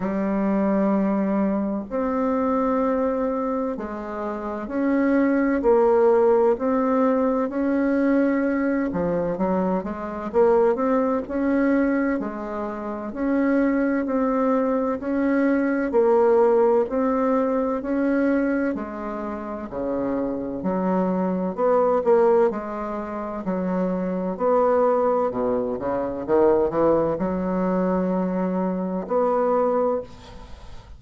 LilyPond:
\new Staff \with { instrumentName = "bassoon" } { \time 4/4 \tempo 4 = 64 g2 c'2 | gis4 cis'4 ais4 c'4 | cis'4. f8 fis8 gis8 ais8 c'8 | cis'4 gis4 cis'4 c'4 |
cis'4 ais4 c'4 cis'4 | gis4 cis4 fis4 b8 ais8 | gis4 fis4 b4 b,8 cis8 | dis8 e8 fis2 b4 | }